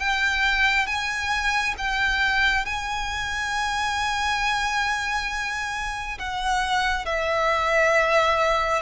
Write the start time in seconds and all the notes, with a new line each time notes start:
0.00 G5
0.87 G#5
1.78 G5
2.66 G#5
6.19 F#5
7.06 E5